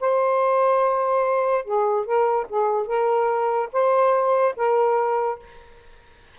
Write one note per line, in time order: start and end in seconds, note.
0.00 1.64 C5
1.64 2.05 G#4
2.05 2.47 A#4
2.49 2.87 G#4
2.87 3.69 A#4
3.72 4.55 C5
4.56 5.39 A#4